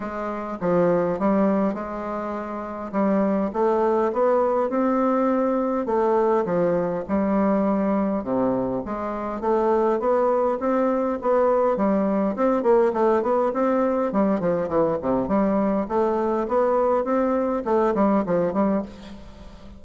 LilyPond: \new Staff \with { instrumentName = "bassoon" } { \time 4/4 \tempo 4 = 102 gis4 f4 g4 gis4~ | gis4 g4 a4 b4 | c'2 a4 f4 | g2 c4 gis4 |
a4 b4 c'4 b4 | g4 c'8 ais8 a8 b8 c'4 | g8 f8 e8 c8 g4 a4 | b4 c'4 a8 g8 f8 g8 | }